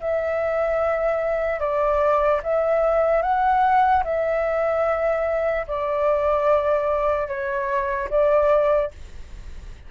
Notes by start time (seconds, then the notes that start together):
0.00 E5
1.60 D5
2.43 E5
3.22 F#5
4.04 E5
5.68 D5
7.28 C#5
8.10 D5